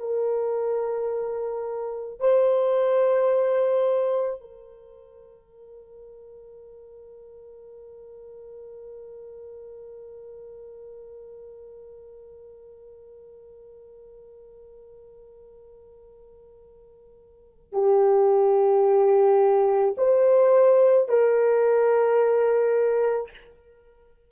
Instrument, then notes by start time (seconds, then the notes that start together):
horn
0.00 A#4
2.20 C5
4.41 A#4
17.73 G4
19.98 C5
21.09 A#4